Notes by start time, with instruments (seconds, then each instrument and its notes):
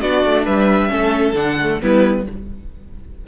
0.00 cello B3, viola D4, violin F#4 D5
0.24 cello A3
0.44 cello G3, violin B4 E5
0.88 cello A3, viola C#4, violin A4
1.32 cello D3, viola D4, violin F#5
1.60 viola A3
1.81 cello G3, viola B3, violin E4 B4